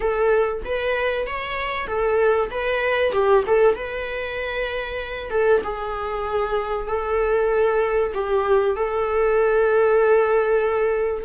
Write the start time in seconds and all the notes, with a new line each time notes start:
0.00 A4
0.64 B4
1.26 C#5
1.87 A4
2.51 B4
3.12 G4
3.46 A4
3.75 B4
5.30 A4
5.63 G#4
6.87 A4
8.14 G4
8.76 A4